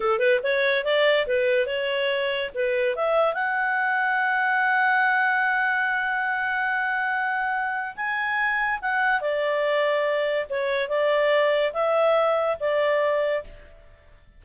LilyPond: \new Staff \with { instrumentName = "clarinet" } { \time 4/4 \tempo 4 = 143 a'8 b'8 cis''4 d''4 b'4 | cis''2 b'4 e''4 | fis''1~ | fis''1~ |
fis''2. gis''4~ | gis''4 fis''4 d''2~ | d''4 cis''4 d''2 | e''2 d''2 | }